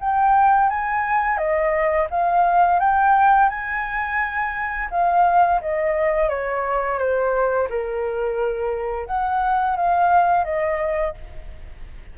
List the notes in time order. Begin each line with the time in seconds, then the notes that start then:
0.00 G5
0.70 G#5
1.38 D#5
2.11 F5
2.80 G5
3.50 G#5
4.91 F5
5.61 D#5
6.29 C#5
6.99 C5
7.70 A#4
9.07 F#5
9.77 F5
10.45 D#5